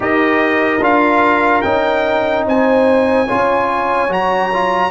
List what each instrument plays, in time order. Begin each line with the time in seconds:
0.00 tuba D#4, trombone G4, horn A#4, trumpet D#5
0.80 tuba D4, trombone F4, trumpet F5
1.61 tuba C#4, trombone D#4, trumpet G5
2.45 tuba C4, horn C5, trumpet G#5
3.27 tuba C#4, trombone F4, horn C#5
4.09 tuba F#3, trombone F#4, trumpet A#5
4.52 trombone F4